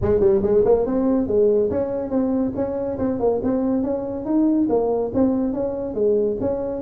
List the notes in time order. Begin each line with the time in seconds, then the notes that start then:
0.01 G#3
0.20 G3
0.42 G#3
0.65 A#3
0.86 C4
1.27 G#3
1.70 C#4
2.10 C4
2.55 C#4
2.98 C4
3.19 A#3
3.43 C4
3.83 C#4
4.25 D#4
4.69 A#3
5.14 C4
5.53 C#4
5.94 G#3
6.40 C#4